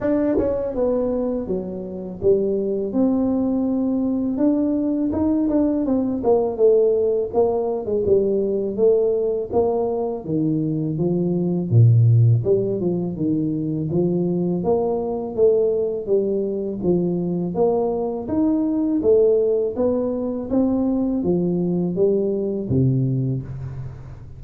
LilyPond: \new Staff \with { instrumentName = "tuba" } { \time 4/4 \tempo 4 = 82 d'8 cis'8 b4 fis4 g4 | c'2 d'4 dis'8 d'8 | c'8 ais8 a4 ais8. gis16 g4 | a4 ais4 dis4 f4 |
ais,4 g8 f8 dis4 f4 | ais4 a4 g4 f4 | ais4 dis'4 a4 b4 | c'4 f4 g4 c4 | }